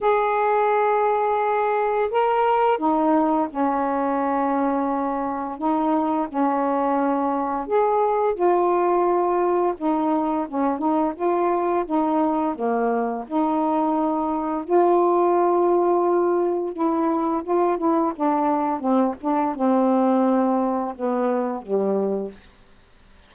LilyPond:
\new Staff \with { instrumentName = "saxophone" } { \time 4/4 \tempo 4 = 86 gis'2. ais'4 | dis'4 cis'2. | dis'4 cis'2 gis'4 | f'2 dis'4 cis'8 dis'8 |
f'4 dis'4 ais4 dis'4~ | dis'4 f'2. | e'4 f'8 e'8 d'4 c'8 d'8 | c'2 b4 g4 | }